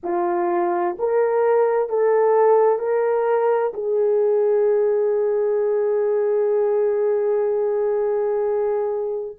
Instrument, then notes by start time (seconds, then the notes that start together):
horn
0.03 F4
0.98 A#4
1.89 A4
2.78 A#4
3.73 G#4